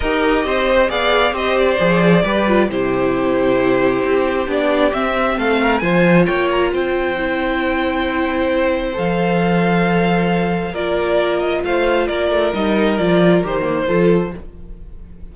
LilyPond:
<<
  \new Staff \with { instrumentName = "violin" } { \time 4/4 \tempo 4 = 134 dis''2 f''4 dis''8 d''8~ | d''2 c''2~ | c''2 d''4 e''4 | f''4 gis''4 g''8 ais''8 g''4~ |
g''1 | f''1 | d''4. dis''8 f''4 d''4 | dis''4 d''4 c''2 | }
  \new Staff \with { instrumentName = "violin" } { \time 4/4 ais'4 c''4 d''4 c''4~ | c''4 b'4 g'2~ | g'1 | a'8 ais'8 c''4 cis''4 c''4~ |
c''1~ | c''1 | ais'2 c''4 ais'4~ | ais'2. a'4 | }
  \new Staff \with { instrumentName = "viola" } { \time 4/4 g'2 gis'4 g'4 | gis'4 g'8 f'8 e'2~ | e'2 d'4 c'4~ | c'4 f'2. |
e'1 | a'1 | f'1 | dis'4 f'4 g'8 ais8 f'4 | }
  \new Staff \with { instrumentName = "cello" } { \time 4/4 dis'4 c'4 b4 c'4 | f4 g4 c2~ | c4 c'4 b4 c'4 | a4 f4 ais4 c'4~ |
c'1 | f1 | ais2 a4 ais8 a8 | g4 f4 dis4 f4 | }
>>